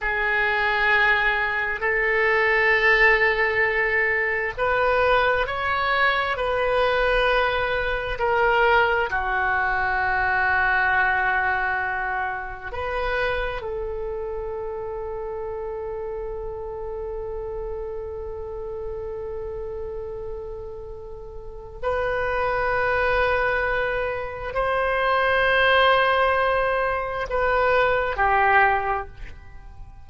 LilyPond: \new Staff \with { instrumentName = "oboe" } { \time 4/4 \tempo 4 = 66 gis'2 a'2~ | a'4 b'4 cis''4 b'4~ | b'4 ais'4 fis'2~ | fis'2 b'4 a'4~ |
a'1~ | a'1 | b'2. c''4~ | c''2 b'4 g'4 | }